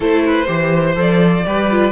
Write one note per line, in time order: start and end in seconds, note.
0.00 0.47 A3
0.00 0.46 E4
0.00 0.24 A4
0.00 0.98 C5
0.25 0.47 B4
0.46 0.96 E3
0.46 0.94 G4
0.46 1.44 C5
0.95 1.44 F3
0.95 1.43 A4
0.95 1.91 D5
1.45 1.91 G3
1.45 1.69 G4
1.45 1.91 B4
1.70 1.91 F4